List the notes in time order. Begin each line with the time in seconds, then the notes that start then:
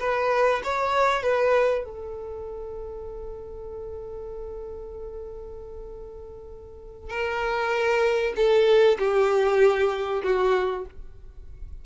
0.00 B4
0.64 C#5
1.23 B4
1.85 A4
7.10 A#4
8.36 A4
8.99 G4
10.23 F#4